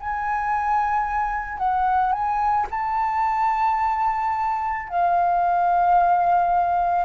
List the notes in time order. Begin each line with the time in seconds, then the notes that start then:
0.00 G#5
1.58 F#5
2.12 G#5
2.70 A5
4.88 F5